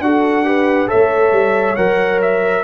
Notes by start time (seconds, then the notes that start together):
0.00 D4 F#4 A4 F#5
0.44 G4 B4
0.87 A4 C#5 E5
0.93 A3
1.32 G3
1.76 F#3 A#4 F#5
2.21 E5